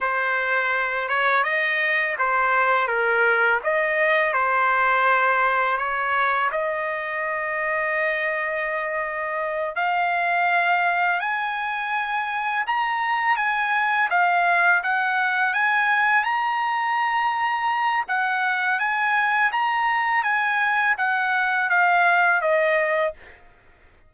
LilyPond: \new Staff \with { instrumentName = "trumpet" } { \time 4/4 \tempo 4 = 83 c''4. cis''8 dis''4 c''4 | ais'4 dis''4 c''2 | cis''4 dis''2.~ | dis''4. f''2 gis''8~ |
gis''4. ais''4 gis''4 f''8~ | f''8 fis''4 gis''4 ais''4.~ | ais''4 fis''4 gis''4 ais''4 | gis''4 fis''4 f''4 dis''4 | }